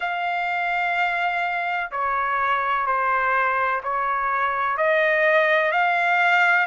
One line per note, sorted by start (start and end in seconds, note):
0.00 1.90 F5
1.91 2.86 C#5
2.86 3.81 C5
3.83 4.77 C#5
4.77 5.71 D#5
5.71 6.66 F5